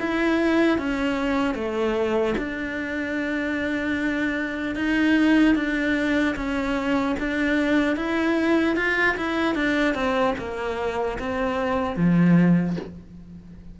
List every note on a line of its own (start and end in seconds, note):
0.00 0.79 E4
0.79 1.55 C#4
1.55 2.35 A3
2.38 4.76 D4
4.76 5.56 D#4
5.56 6.36 D4
6.36 7.16 C#4
7.20 7.97 D4
7.97 8.76 E4
8.76 9.16 F4
9.17 9.56 E4
9.56 9.95 D4
9.95 10.35 C4
10.39 11.19 A#3
11.19 11.96 C4
11.96 12.76 F3